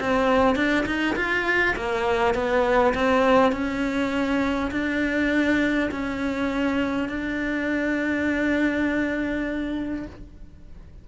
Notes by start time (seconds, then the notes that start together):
0.00 C4
0.55 D4
0.86 D#4
1.16 F4
1.76 A#3
2.34 B3
2.94 C4
3.52 C#4
4.71 D4
5.91 C#4
7.09 D4